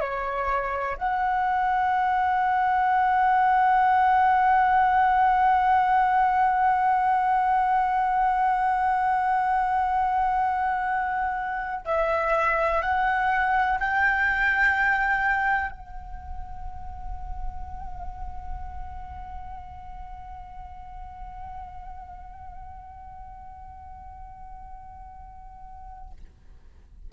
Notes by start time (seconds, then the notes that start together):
0.00 C#5
0.97 F#5
11.85 E5
12.82 F#5
13.79 G5
15.71 F#5